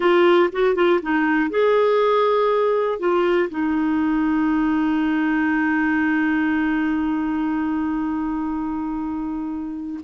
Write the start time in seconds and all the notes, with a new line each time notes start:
0.00 F4
0.52 F#4
0.75 F4
1.02 D#4
1.50 G#4
2.99 F4
3.50 D#4